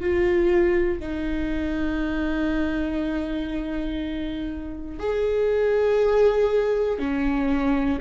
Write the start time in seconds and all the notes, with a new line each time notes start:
0.00 F4
0.99 D#4
4.99 G#4
6.99 C#4